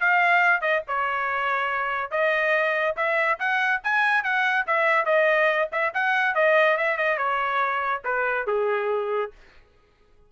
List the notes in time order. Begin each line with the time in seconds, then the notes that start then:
0.00 F5
0.61 D#5
0.87 C#5
2.11 D#5
2.96 E5
3.39 F#5
3.83 G#5
4.23 F#5
4.67 E5
5.05 D#5
5.72 E5
5.94 F#5
6.35 D#5
6.77 E5
6.97 D#5
7.18 C#5
8.04 B4
8.47 G#4